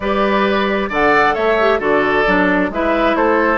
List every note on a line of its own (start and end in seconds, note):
0.00 0.89 G3
0.00 0.91 G4
0.00 0.89 B4
0.00 0.90 D5
0.89 1.34 D3
0.89 1.59 A4
0.89 1.34 D5
0.89 1.34 F#5
1.34 1.79 A3
1.34 1.79 C#5
1.34 1.80 E5
1.60 1.79 G4
1.79 2.24 D3
1.79 2.24 F#4
1.79 2.69 A4
1.79 2.72 D5
2.26 2.70 F#3
2.26 2.71 D4
2.70 3.15 G#3
2.70 3.58 E4
2.70 3.17 B4
2.70 3.16 E5
3.15 3.58 A3
3.15 3.58 A4
3.15 3.58 C5